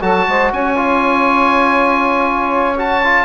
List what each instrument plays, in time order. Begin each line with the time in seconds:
0.00 bassoon F#3, trombone F#4, saxophone A4, oboe A5
0.27 bassoon G#3, saxophone C5
0.51 bassoon C#4, saxophone C#5, oboe G#5
0.75 trombone F4
2.77 trombone F#4, oboe A5
3.03 trombone F4